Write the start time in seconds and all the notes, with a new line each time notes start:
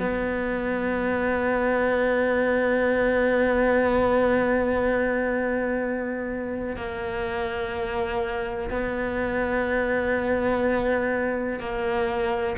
0.00 B3
6.77 A#3
8.71 B3
11.60 A#3